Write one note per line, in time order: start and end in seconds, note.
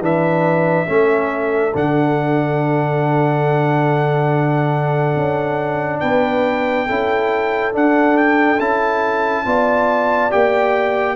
0.00 0.86 E3
0.00 0.87 D4
0.00 0.87 B4
0.00 1.76 E5
0.87 1.74 A3
0.87 1.72 C#4
0.87 6.01 A4
1.74 5.16 D3
1.74 6.89 D4
1.74 6.00 F#5
5.16 6.02 C#4
6.00 6.89 B3
6.00 6.87 B4
6.00 7.72 G5
6.87 7.74 C#4
6.87 7.73 E4
6.87 9.44 A4
7.73 8.59 D4
7.73 8.18 F#5
8.18 8.61 G5
8.59 9.45 C#4
8.59 9.46 E4
8.59 10.32 A5
9.46 10.32 B3
9.46 10.31 F4
9.46 11.16 D5
10.31 11.16 A#3
10.31 11.16 G4
10.31 11.16 G5